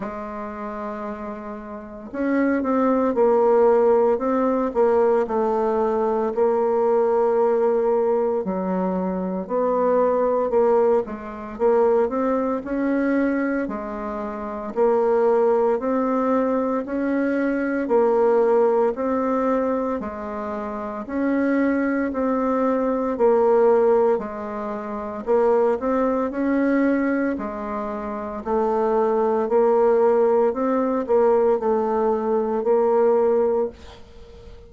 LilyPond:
\new Staff \with { instrumentName = "bassoon" } { \time 4/4 \tempo 4 = 57 gis2 cis'8 c'8 ais4 | c'8 ais8 a4 ais2 | fis4 b4 ais8 gis8 ais8 c'8 | cis'4 gis4 ais4 c'4 |
cis'4 ais4 c'4 gis4 | cis'4 c'4 ais4 gis4 | ais8 c'8 cis'4 gis4 a4 | ais4 c'8 ais8 a4 ais4 | }